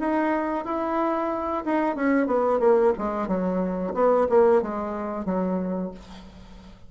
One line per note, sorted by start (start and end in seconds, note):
0.00 0.65 D#4
0.65 1.64 E4
1.65 1.96 D#4
1.96 2.27 C#4
2.27 2.60 B3
2.60 2.93 A#3
2.98 3.28 G#3
3.28 3.94 F#3
3.94 4.27 B3
4.29 4.62 A#3
4.62 5.25 G#3
5.25 5.91 F#3